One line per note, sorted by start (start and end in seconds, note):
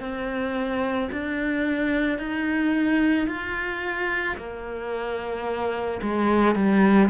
0.00 1.09 C4
1.12 2.19 D4
2.19 3.27 D#4
3.27 4.36 F4
4.37 6.01 A#3
6.02 6.56 G#3
6.56 7.10 G3